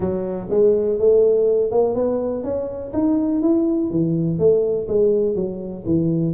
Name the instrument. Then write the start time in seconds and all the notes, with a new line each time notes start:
tuba
0.00 F#3
0.50 G#3
0.98 A3
1.71 A#3
1.94 B3
2.43 C#4
2.93 D#4
3.41 E4
3.90 E3
4.38 A3
4.88 G#3
5.35 F#3
5.85 E3